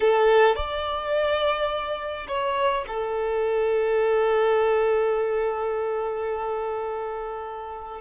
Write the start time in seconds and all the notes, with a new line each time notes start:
0.00 A4
0.55 D5
2.27 C#5
2.87 A4